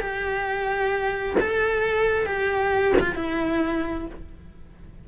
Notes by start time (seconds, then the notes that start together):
0.00 G4
1.40 A4
2.26 G4
3.00 F4
3.15 E4